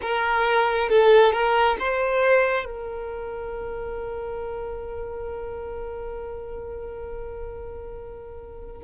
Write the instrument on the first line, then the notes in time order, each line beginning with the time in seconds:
violin
0.01 A#4
0.89 A4
1.32 A#4
1.79 C5
2.65 A#4